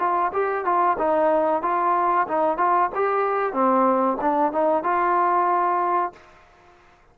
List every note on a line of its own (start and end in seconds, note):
0.00 0.32 F4
0.33 0.65 G4
0.65 0.98 F4
0.99 1.63 D#4
1.63 2.27 F4
2.28 2.58 D#4
2.58 2.90 F4
2.95 3.53 G4
3.53 4.18 C4
4.22 4.53 D4
4.53 4.84 D#4
4.84 6.13 F4